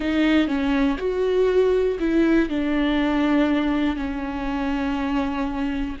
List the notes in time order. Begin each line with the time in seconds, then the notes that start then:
0.00 D#4
0.47 C#4
0.97 F#4
1.99 E4
2.49 D4
3.96 C#4